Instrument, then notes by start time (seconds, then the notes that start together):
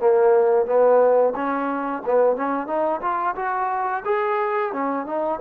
trombone
0.00 A#3
0.66 B3
1.36 C#4
2.06 B3
2.37 C#4
2.67 D#4
3.02 F4
3.36 F#4
4.05 G#4
4.73 C#4
5.07 D#4